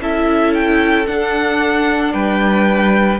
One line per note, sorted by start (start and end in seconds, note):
0.00 1.07 C#4
0.00 1.06 E4
0.00 2.13 A4
0.00 0.54 E5
0.54 1.06 G5
1.06 3.20 D4
1.06 2.13 D4
1.06 2.12 F#5
2.12 3.20 G3
2.12 3.20 B4
2.12 3.19 G5